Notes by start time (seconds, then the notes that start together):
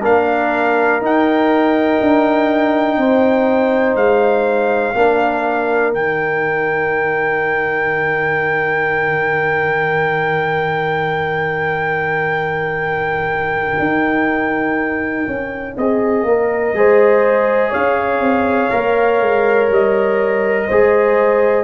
0.00 A#3 D4 A#4 F5
1.00 D#4 G5
2.00 D4
2.97 C4 C5
3.95 G#3 F5
4.94 A#3 D4 A#4
5.92 D#3 D#4 G5
13.78 D#4
15.27 C#4
15.77 C4 G#4 D#5
16.23 A#3 A#4
16.73 G#3 G#4 C5
17.69 C#4 C#5 F5
18.20 C4
18.71 A#3 A#4
19.21 G#3
19.69 G3 D#5
20.67 G#3 G#4 C5